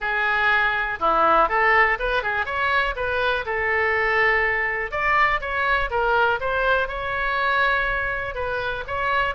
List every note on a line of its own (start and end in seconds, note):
0.00 0.99 G#4
0.99 1.48 E4
1.49 1.98 A4
1.99 2.23 B4
2.23 2.45 G#4
2.45 2.94 C#5
2.96 3.45 B4
3.45 4.91 A4
4.91 5.40 D5
5.41 5.90 C#5
5.90 6.39 A#4
6.40 6.88 C5
6.88 8.34 C#5
8.34 8.83 B4
8.87 9.34 C#5